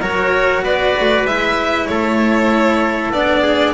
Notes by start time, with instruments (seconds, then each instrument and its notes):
0.00 double bass F#3, cello F#4, trumpet A#4, violin C#5
0.63 double bass B3, trumpet B4, violin D5
1.00 double bass A3
1.25 double bass G#3, cello E4, violin E5
1.87 double bass A3, trumpet A4, violin C#5
3.11 double bass B3, cello D4, violin D5
3.42 trumpet G#4